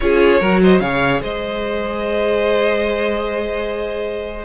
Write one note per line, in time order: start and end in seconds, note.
0.00 0.40 C#4
0.00 0.41 F4
0.00 0.40 G#4
0.00 0.61 C#5
0.40 0.80 F#3
0.40 0.81 F#4
0.40 0.60 A#4
0.62 0.81 C5
0.62 0.80 D#5
0.80 1.21 C#3
0.80 4.44 G#4
0.80 1.21 C#5
0.80 1.20 F5
1.21 4.44 G#3
1.21 4.44 C5
1.21 4.44 D#5